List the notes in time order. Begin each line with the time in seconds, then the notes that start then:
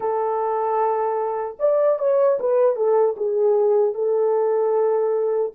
0.00 A4
1.59 D5
1.98 C#5
2.39 B4
2.76 A4
3.17 G#4
3.94 A4